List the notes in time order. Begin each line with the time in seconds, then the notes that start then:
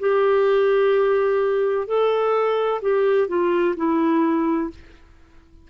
0.00 G4
1.87 A4
2.82 G4
3.28 F4
3.77 E4